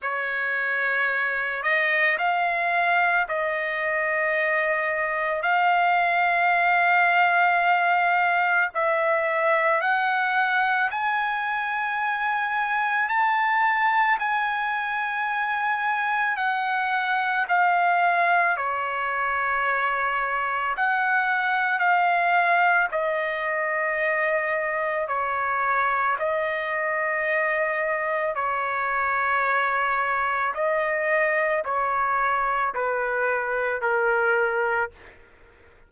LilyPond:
\new Staff \with { instrumentName = "trumpet" } { \time 4/4 \tempo 4 = 55 cis''4. dis''8 f''4 dis''4~ | dis''4 f''2. | e''4 fis''4 gis''2 | a''4 gis''2 fis''4 |
f''4 cis''2 fis''4 | f''4 dis''2 cis''4 | dis''2 cis''2 | dis''4 cis''4 b'4 ais'4 | }